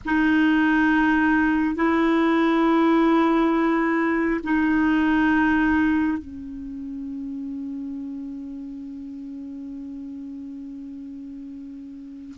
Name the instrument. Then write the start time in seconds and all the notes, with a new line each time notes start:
clarinet
0.05 D#4
1.75 E4
4.43 D#4
6.18 C#4